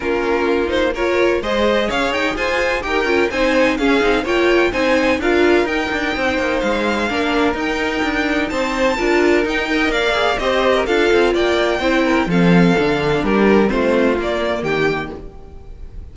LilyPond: <<
  \new Staff \with { instrumentName = "violin" } { \time 4/4 \tempo 4 = 127 ais'4. c''8 cis''4 dis''4 | f''8 g''8 gis''4 g''4 gis''4 | f''4 g''4 gis''4 f''4 | g''2 f''2 |
g''2 a''2 | g''4 f''4 dis''4 f''4 | g''2 f''2 | ais'4 c''4 d''4 g''4 | }
  \new Staff \with { instrumentName = "violin" } { \time 4/4 f'2 ais'4 c''4 | cis''4 c''4 ais'4 c''4 | gis'4 cis''4 c''4 ais'4~ | ais'4 c''2 ais'4~ |
ais'2 c''4 ais'4~ | ais'8 dis''8 d''4 c''8. ais'16 a'4 | d''4 c''8 ais'8 a'2 | g'4 f'2 g'4 | }
  \new Staff \with { instrumentName = "viola" } { \time 4/4 cis'4. dis'8 f'4 gis'4~ | gis'2 g'8 f'8 dis'4 | cis'8 dis'8 f'4 dis'4 f'4 | dis'2. d'4 |
dis'2. f'4 | dis'8 ais'4 gis'8 g'4 f'4~ | f'4 e'4 c'4 d'4~ | d'4 c'4 ais2 | }
  \new Staff \with { instrumentName = "cello" } { \time 4/4 ais2. gis4 | cis'8 dis'8 f'4 dis'8 cis'8 c'4 | cis'8 c'8 ais4 c'4 d'4 | dis'8 d'8 c'8 ais8 gis4 ais4 |
dis'4 d'4 c'4 d'4 | dis'4 ais4 c'4 d'8 c'8 | ais4 c'4 f4 d4 | g4 a4 ais4 dis4 | }
>>